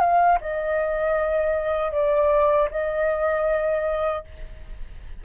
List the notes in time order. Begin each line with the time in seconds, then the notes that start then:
0.00 F5
0.41 D#5
1.92 D5
2.71 D#5